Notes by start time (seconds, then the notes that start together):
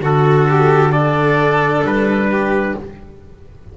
0.00 D3 F#4 A4
0.48 G4
0.91 D4 A4 D5
1.83 G3 B4
2.31 G4